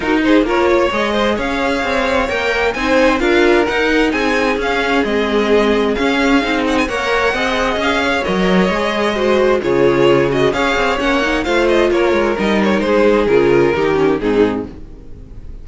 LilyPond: <<
  \new Staff \with { instrumentName = "violin" } { \time 4/4 \tempo 4 = 131 ais'8 c''8 cis''4 dis''4 f''4~ | f''4 g''4 gis''4 f''4 | fis''4 gis''4 f''4 dis''4~ | dis''4 f''4. fis''16 gis''16 fis''4~ |
fis''4 f''4 dis''2~ | dis''4 cis''4. dis''8 f''4 | fis''4 f''8 dis''8 cis''4 dis''8 cis''8 | c''4 ais'2 gis'4 | }
  \new Staff \with { instrumentName = "violin" } { \time 4/4 fis'8 gis'8 ais'8 cis''4 c''8 cis''4~ | cis''2 c''4 ais'4~ | ais'4 gis'2.~ | gis'2. cis''4 |
dis''4. cis''2~ cis''8 | c''4 gis'2 cis''4~ | cis''4 c''4 ais'2 | gis'2 g'4 dis'4 | }
  \new Staff \with { instrumentName = "viola" } { \time 4/4 dis'4 f'4 gis'2~ | gis'4 ais'4 dis'4 f'4 | dis'2 cis'4 c'4~ | c'4 cis'4 dis'4 ais'4 |
gis'2 ais'4 gis'4 | fis'4 f'4. fis'8 gis'4 | cis'8 dis'8 f'2 dis'4~ | dis'4 f'4 dis'8 cis'8 c'4 | }
  \new Staff \with { instrumentName = "cello" } { \time 4/4 dis'4 ais4 gis4 cis'4 | c'4 ais4 c'4 d'4 | dis'4 c'4 cis'4 gis4~ | gis4 cis'4 c'4 ais4 |
c'4 cis'4 fis4 gis4~ | gis4 cis2 cis'8 c'8 | ais4 a4 ais8 gis8 g4 | gis4 cis4 dis4 gis,4 | }
>>